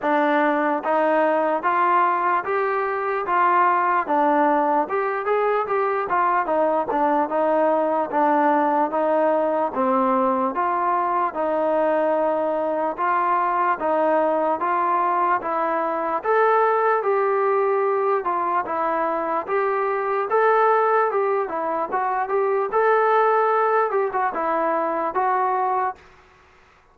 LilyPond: \new Staff \with { instrumentName = "trombone" } { \time 4/4 \tempo 4 = 74 d'4 dis'4 f'4 g'4 | f'4 d'4 g'8 gis'8 g'8 f'8 | dis'8 d'8 dis'4 d'4 dis'4 | c'4 f'4 dis'2 |
f'4 dis'4 f'4 e'4 | a'4 g'4. f'8 e'4 | g'4 a'4 g'8 e'8 fis'8 g'8 | a'4. g'16 fis'16 e'4 fis'4 | }